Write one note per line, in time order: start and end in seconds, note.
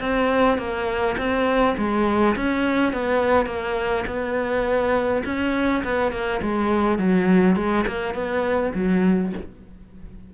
0.00 0.58 C4
0.58 1.16 A#3
1.18 1.76 C4
1.78 2.36 G#3
2.36 2.93 C#4
2.93 3.46 B3
3.46 4.05 A#3
4.07 5.23 B3
5.25 5.83 C#4
5.84 6.12 B3
6.12 6.41 A#3
6.42 6.98 G#3
6.98 7.56 F#3
7.56 7.85 G#3
7.87 8.14 A#3
8.14 8.73 B3
8.75 9.33 F#3